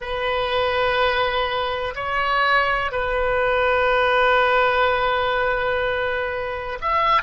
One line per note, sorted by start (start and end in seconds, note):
0.00 1.94 B4
1.95 2.91 C#5
2.91 6.78 B4
6.80 7.22 E5